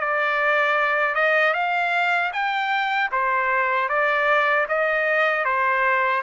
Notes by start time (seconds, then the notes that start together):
0.00 D5
1.15 D#5
1.54 F5
2.33 G5
3.12 C5
3.89 D5
4.69 D#5
5.45 C5